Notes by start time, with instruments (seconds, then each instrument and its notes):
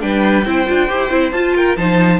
0.00 cello G3, viola D4, violin B4 G5
0.45 cello C4, viola E4, violin C5
0.67 cello D4, viola F4
0.89 cello E4, viola G4
1.10 cello C4, viola E4
1.32 cello F4, viola F4, violin A5
1.56 violin A#4 G5
1.77 cello F3, viola D#4, violin C5 A5